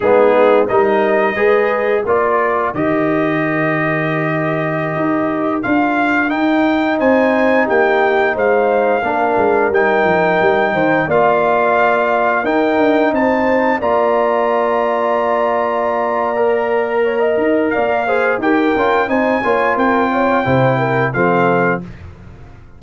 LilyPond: <<
  \new Staff \with { instrumentName = "trumpet" } { \time 4/4 \tempo 4 = 88 gis'4 dis''2 d''4 | dis''1~ | dis''16 f''4 g''4 gis''4 g''8.~ | g''16 f''2 g''4.~ g''16~ |
g''16 f''2 g''4 a''8.~ | a''16 ais''2.~ ais''8.~ | ais''2 f''4 g''4 | gis''4 g''2 f''4 | }
  \new Staff \with { instrumentName = "horn" } { \time 4/4 dis'4 ais'4 b'4 ais'4~ | ais'1~ | ais'2~ ais'16 c''4 g'8.~ | g'16 c''4 ais'2~ ais'8 c''16~ |
c''16 d''2 ais'4 c''8.~ | c''16 d''2.~ d''8.~ | d''4 cis''16 dis''8. d''8 c''8 ais'4 | c''8 cis''8 ais'8 cis''8 c''8 ais'8 a'4 | }
  \new Staff \with { instrumentName = "trombone" } { \time 4/4 b4 dis'4 gis'4 f'4 | g'1~ | g'16 f'4 dis'2~ dis'8.~ | dis'4~ dis'16 d'4 dis'4.~ dis'16~ |
dis'16 f'2 dis'4.~ dis'16~ | dis'16 f'2.~ f'8. | ais'2~ ais'8 gis'8 g'8 f'8 | dis'8 f'4. e'4 c'4 | }
  \new Staff \with { instrumentName = "tuba" } { \time 4/4 gis4 g4 gis4 ais4 | dis2.~ dis16 dis'8.~ | dis'16 d'4 dis'4 c'4 ais8.~ | ais16 gis4 ais8 gis8 g8 f8 g8 dis16~ |
dis16 ais2 dis'8 d'8 c'8.~ | c'16 ais2.~ ais8.~ | ais4. dis'8 ais4 dis'8 cis'8 | c'8 ais8 c'4 c4 f4 | }
>>